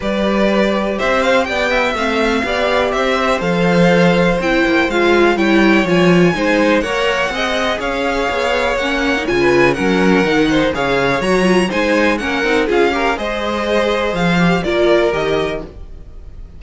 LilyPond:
<<
  \new Staff \with { instrumentName = "violin" } { \time 4/4 \tempo 4 = 123 d''2 e''8 f''8 g''4 | f''2 e''4 f''4~ | f''4 g''4 f''4 g''4 | gis''2 fis''2 |
f''2 fis''4 gis''4 | fis''2 f''4 ais''4 | gis''4 fis''4 f''4 dis''4~ | dis''4 f''4 d''4 dis''4 | }
  \new Staff \with { instrumentName = "violin" } { \time 4/4 b'2 c''4 d''8 e''8~ | e''4 d''4 c''2~ | c''2. cis''4~ | cis''4 c''4 cis''4 dis''4 |
cis''2.~ cis''16 b'8. | ais'4. c''8 cis''2 | c''4 ais'4 gis'8 ais'8 c''4~ | c''2 ais'2 | }
  \new Staff \with { instrumentName = "viola" } { \time 4/4 g'1 | c'4 g'2 a'4~ | a'4 e'4 f'4 e'4 | f'4 dis'4 ais'4 gis'4~ |
gis'2 cis'8. dis'16 f'4 | cis'4 dis'4 gis'4 fis'8 f'8 | dis'4 cis'8 dis'8 f'8 g'8 gis'4~ | gis'4. g'8 f'4 g'4 | }
  \new Staff \with { instrumentName = "cello" } { \time 4/4 g2 c'4 b4 | a4 b4 c'4 f4~ | f4 c'8 ais8 gis4 g4 | f4 gis4 ais4 c'4 |
cis'4 b4 ais4 cis4 | fis4 dis4 cis4 fis4 | gis4 ais8 c'8 cis'4 gis4~ | gis4 f4 ais4 dis4 | }
>>